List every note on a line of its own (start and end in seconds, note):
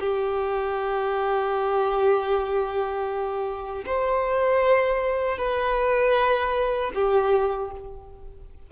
0.00 3.85 G4
3.86 5.38 C5
5.38 6.92 B4
6.95 7.72 G4